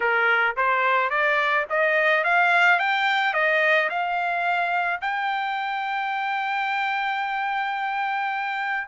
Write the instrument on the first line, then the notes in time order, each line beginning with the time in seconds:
trumpet
0.00 A#4
0.56 C5
1.10 D5
1.69 D#5
2.24 F5
2.79 G5
3.33 D#5
3.89 F5
5.01 G5